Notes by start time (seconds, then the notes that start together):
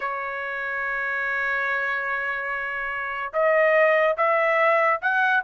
0.00 C#5
3.33 D#5
4.17 E5
5.01 F#5